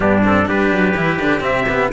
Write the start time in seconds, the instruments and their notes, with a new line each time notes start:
0.00 cello G2 B3, trumpet D4 G4
0.23 cello C4, trumpet A4
0.45 cello G3 D4, trumpet G4 B4
0.71 cello F#3
0.95 cello E3 E4
1.19 cello D3 D4
1.40 cello C3 C4, trumpet E5
1.68 cello B3